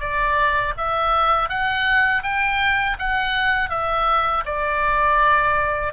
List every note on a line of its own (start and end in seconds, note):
0.00 0.74 D5
0.77 1.49 E5
1.49 2.23 F#5
2.23 2.97 G5
2.99 3.70 F#5
3.70 4.44 E5
4.46 5.94 D5